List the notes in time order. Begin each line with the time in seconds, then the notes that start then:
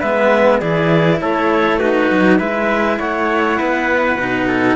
0.00 G#3 B3 B4 E5
0.60 E3 E4 G#4 D5
1.21 A3 A4 C#5
1.78 D#4 F#4 B4
2.10 F#3
2.39 G#3 E4 B4 E5
2.99 A3 C#5 F#5
3.58 B3 B4
4.16 B2 D#4
4.48 A4